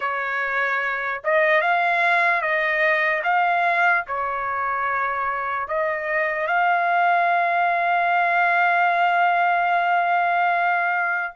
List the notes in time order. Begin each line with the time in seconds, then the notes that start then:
0.00 C#5
1.23 D#5
1.61 F5
2.41 D#5
3.23 F5
4.07 C#5
5.68 D#5
6.46 F5